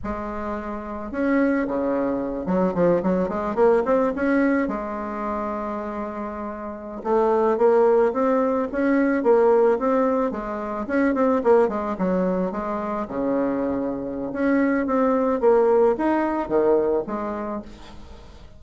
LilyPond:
\new Staff \with { instrumentName = "bassoon" } { \time 4/4 \tempo 4 = 109 gis2 cis'4 cis4~ | cis8 fis8 f8 fis8 gis8 ais8 c'8 cis'8~ | cis'8 gis2.~ gis8~ | gis8. a4 ais4 c'4 cis'16~ |
cis'8. ais4 c'4 gis4 cis'16~ | cis'16 c'8 ais8 gis8 fis4 gis4 cis16~ | cis2 cis'4 c'4 | ais4 dis'4 dis4 gis4 | }